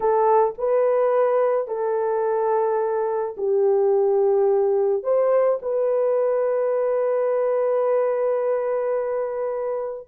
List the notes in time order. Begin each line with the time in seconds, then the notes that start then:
0.00 A4
0.58 B4
1.67 A4
3.37 G4
5.03 C5
5.62 B4